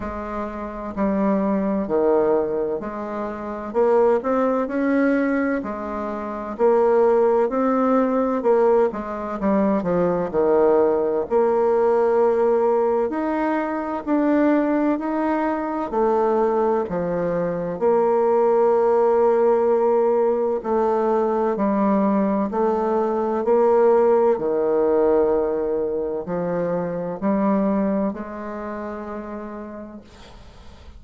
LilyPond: \new Staff \with { instrumentName = "bassoon" } { \time 4/4 \tempo 4 = 64 gis4 g4 dis4 gis4 | ais8 c'8 cis'4 gis4 ais4 | c'4 ais8 gis8 g8 f8 dis4 | ais2 dis'4 d'4 |
dis'4 a4 f4 ais4~ | ais2 a4 g4 | a4 ais4 dis2 | f4 g4 gis2 | }